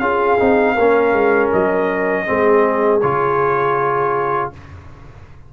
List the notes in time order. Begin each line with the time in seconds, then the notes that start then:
0.00 C#4 F4 G#4 F5
0.39 C4 D#4
0.74 A#3 C#4 A#4
1.13 G#3
1.53 F#3 D#5
2.26 G#3 C4 G#4
3.01 C#3 F4 C#5